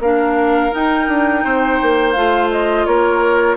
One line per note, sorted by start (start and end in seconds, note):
0.00 0.71 A#3
0.00 0.71 D4
0.00 1.44 A#4
0.00 0.74 F5
0.71 2.14 D#4
0.71 1.08 D#4
0.71 2.12 G5
1.08 1.44 D4
1.44 1.80 C4
1.44 2.87 C5
1.82 2.16 A#3
2.12 2.87 A3
2.12 3.57 F4
2.12 2.48 F5
2.51 2.86 D#5
2.86 3.57 A#3
2.86 3.57 A#4
2.86 3.57 C#5